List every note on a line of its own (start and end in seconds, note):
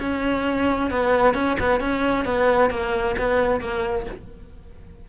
0.00 0.91 C#4
0.91 1.35 B3
1.35 1.57 C#4
1.61 1.81 B3
1.81 2.25 C#4
2.25 2.71 B3
2.71 3.16 A#3
3.19 3.61 B3
3.61 4.07 A#3